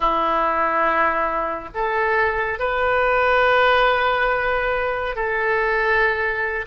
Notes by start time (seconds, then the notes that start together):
0.00 E4
1.74 A4
2.59 B4
5.15 A4